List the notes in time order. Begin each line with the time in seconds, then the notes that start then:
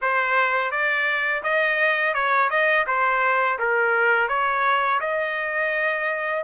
0.01 C5
0.71 D5
1.43 D#5
2.14 C#5
2.50 D#5
2.86 C5
3.58 A#4
4.28 C#5
5.00 D#5